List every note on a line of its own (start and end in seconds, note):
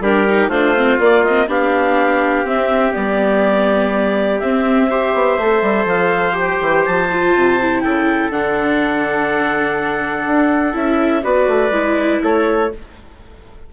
0.00 0.48 G3
0.00 0.27 D4
0.00 0.50 G4
0.00 0.49 A#4
0.28 0.52 D#4
0.48 0.96 A3
0.48 0.76 D4
0.48 1.47 F4
0.48 0.98 C5
0.76 1.00 C4
0.99 1.47 A#3
0.99 1.24 A#3
0.99 1.24 D5
1.24 1.48 C4
1.24 1.48 D#5
1.47 2.44 B3
1.47 2.45 D4
1.47 4.90 G4
1.47 2.47 F5
2.44 2.93 C4
2.44 2.93 E5
2.93 4.42 G3
2.93 4.39 B3
2.93 4.39 D5
4.39 4.90 C4
4.39 5.14 C4
4.39 5.86 E5
4.90 5.38 G4
4.90 7.83 C5
5.14 5.37 B3
5.37 5.62 A3
5.37 6.32 A4
5.62 5.85 G3
5.85 6.58 F3
5.85 6.36 F5
6.32 7.05 G4
6.39 6.85 G5
6.61 6.85 E3
6.85 7.34 F3
6.85 7.81 A5
7.12 7.60 F4
7.34 7.83 C3
7.61 8.32 E4
7.81 8.30 C#3
7.81 11.24 A4
7.81 8.29 G5
8.30 10.25 D3
8.30 10.73 D4
8.30 10.76 F#5
10.27 10.74 D4
10.73 11.23 C#4
10.73 11.22 E4
10.73 11.23 E5
11.23 11.47 B3
11.23 11.72 F#4
11.23 12.21 B4
11.23 12.21 D5
11.47 11.70 A3
11.70 12.19 G#3
11.70 12.69 E4
12.23 12.71 A3
12.23 12.72 A4
12.23 12.73 C#5